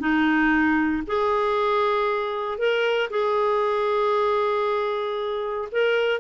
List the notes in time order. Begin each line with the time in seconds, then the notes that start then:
0.00 D#4
1.07 G#4
2.58 A#4
3.11 G#4
5.72 A#4